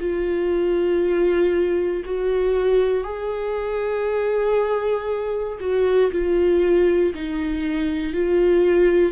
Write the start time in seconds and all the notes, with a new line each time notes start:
0.00 F4
2.05 F#4
3.04 G#4
5.61 F#4
6.12 F4
7.15 D#4
8.14 F4